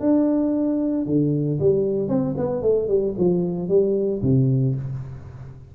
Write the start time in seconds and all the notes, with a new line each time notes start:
0.00 D4
1.06 D3
1.60 G3
2.08 C4
2.37 B3
2.62 A3
2.88 G3
3.17 F3
3.69 G3
4.22 C3